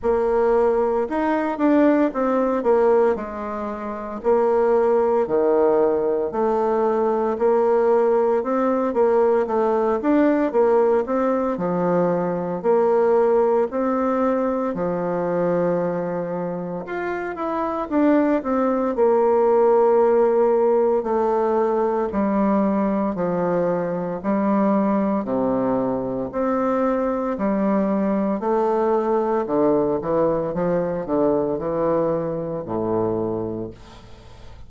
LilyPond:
\new Staff \with { instrumentName = "bassoon" } { \time 4/4 \tempo 4 = 57 ais4 dis'8 d'8 c'8 ais8 gis4 | ais4 dis4 a4 ais4 | c'8 ais8 a8 d'8 ais8 c'8 f4 | ais4 c'4 f2 |
f'8 e'8 d'8 c'8 ais2 | a4 g4 f4 g4 | c4 c'4 g4 a4 | d8 e8 f8 d8 e4 a,4 | }